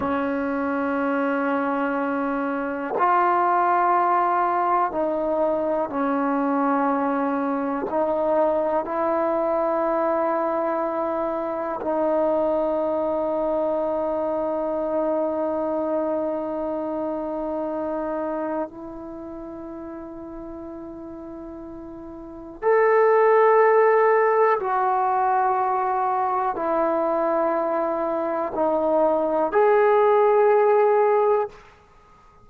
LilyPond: \new Staff \with { instrumentName = "trombone" } { \time 4/4 \tempo 4 = 61 cis'2. f'4~ | f'4 dis'4 cis'2 | dis'4 e'2. | dis'1~ |
dis'2. e'4~ | e'2. a'4~ | a'4 fis'2 e'4~ | e'4 dis'4 gis'2 | }